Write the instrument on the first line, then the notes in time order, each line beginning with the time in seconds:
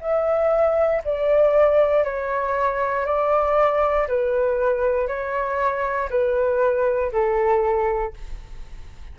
flute
0.00 E5
1.04 D5
2.04 C#5
3.06 D5
4.08 B4
5.08 C#5
6.10 B4
7.12 A4